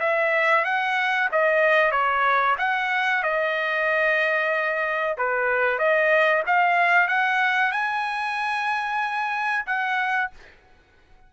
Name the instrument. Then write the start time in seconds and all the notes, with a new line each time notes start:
trumpet
0.00 E5
0.65 F#5
1.32 D#5
1.91 C#5
2.58 F#5
3.23 D#5
5.17 B4
5.79 D#5
6.47 F5
7.08 F#5
7.72 G#5
9.66 F#5